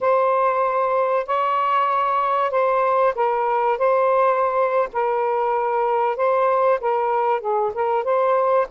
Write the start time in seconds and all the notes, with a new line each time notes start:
0.00 C5
1.26 C#5
2.50 C5
3.15 A#4
3.78 C5
4.92 A#4
6.16 C5
6.80 A#4
7.40 G#4
7.74 A#4
8.04 C5